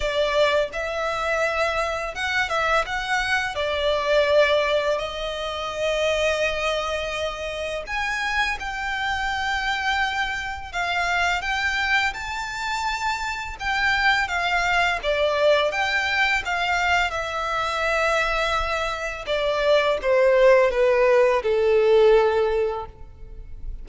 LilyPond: \new Staff \with { instrumentName = "violin" } { \time 4/4 \tempo 4 = 84 d''4 e''2 fis''8 e''8 | fis''4 d''2 dis''4~ | dis''2. gis''4 | g''2. f''4 |
g''4 a''2 g''4 | f''4 d''4 g''4 f''4 | e''2. d''4 | c''4 b'4 a'2 | }